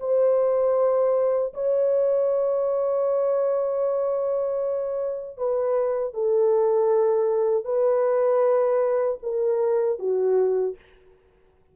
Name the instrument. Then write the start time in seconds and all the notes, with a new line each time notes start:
horn
0.00 C5
1.54 C#5
5.38 B4
6.14 A4
7.65 B4
9.23 A#4
9.99 F#4